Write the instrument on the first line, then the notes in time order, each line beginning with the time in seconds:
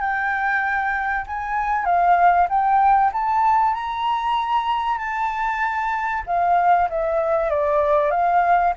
flute
0.00 G5
1.26 G#5
1.85 F5
2.49 G5
3.12 A5
3.74 A#5
4.98 A5
6.26 F5
6.89 E5
7.50 D5
8.11 F5